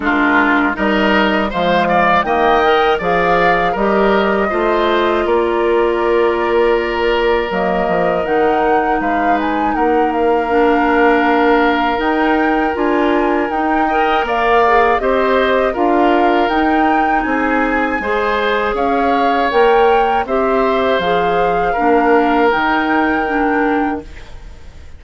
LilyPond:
<<
  \new Staff \with { instrumentName = "flute" } { \time 4/4 \tempo 4 = 80 ais'4 dis''4 f''4 g''4 | f''4 dis''2 d''4~ | d''2 dis''4 fis''4 | f''8 gis''8 fis''8 f''2~ f''8 |
g''4 gis''4 g''4 f''4 | dis''4 f''4 g''4 gis''4~ | gis''4 f''4 g''4 e''4 | f''2 g''2 | }
  \new Staff \with { instrumentName = "oboe" } { \time 4/4 f'4 ais'4 c''8 d''8 dis''4 | d''4 ais'4 c''4 ais'4~ | ais'1 | b'4 ais'2.~ |
ais'2~ ais'8 dis''8 d''4 | c''4 ais'2 gis'4 | c''4 cis''2 c''4~ | c''4 ais'2. | }
  \new Staff \with { instrumentName = "clarinet" } { \time 4/4 d'4 dis'4 gis4 ais8 ais'8 | gis'4 g'4 f'2~ | f'2 ais4 dis'4~ | dis'2 d'2 |
dis'4 f'4 dis'8 ais'4 gis'8 | g'4 f'4 dis'2 | gis'2 ais'4 g'4 | gis'4 d'4 dis'4 d'4 | }
  \new Staff \with { instrumentName = "bassoon" } { \time 4/4 gis4 g4 f4 dis4 | f4 g4 a4 ais4~ | ais2 fis8 f8 dis4 | gis4 ais2. |
dis'4 d'4 dis'4 ais4 | c'4 d'4 dis'4 c'4 | gis4 cis'4 ais4 c'4 | f4 ais4 dis2 | }
>>